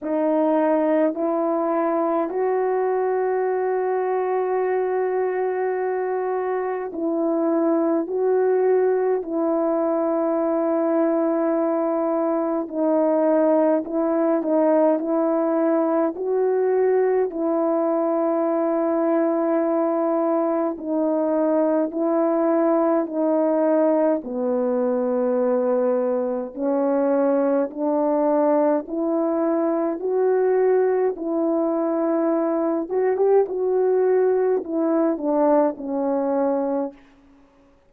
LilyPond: \new Staff \with { instrumentName = "horn" } { \time 4/4 \tempo 4 = 52 dis'4 e'4 fis'2~ | fis'2 e'4 fis'4 | e'2. dis'4 | e'8 dis'8 e'4 fis'4 e'4~ |
e'2 dis'4 e'4 | dis'4 b2 cis'4 | d'4 e'4 fis'4 e'4~ | e'8 fis'16 g'16 fis'4 e'8 d'8 cis'4 | }